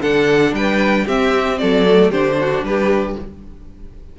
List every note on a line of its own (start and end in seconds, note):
0.00 0.52 D3
0.00 1.05 D4
0.00 0.54 A4
0.00 0.54 F#5
0.52 1.05 G3
0.52 1.05 B4
0.52 1.07 G5
1.05 1.61 C4
1.05 1.86 C4
1.05 1.58 G4
1.05 1.58 E5
1.58 2.11 F#3
1.58 2.10 A4
1.58 2.11 D5
1.86 2.12 A3
2.10 2.63 D3
2.10 3.17 D4
2.10 2.37 G4
2.10 2.64 C5
2.40 2.66 F#4
2.63 3.15 G3
2.63 3.19 G4
2.63 3.17 B4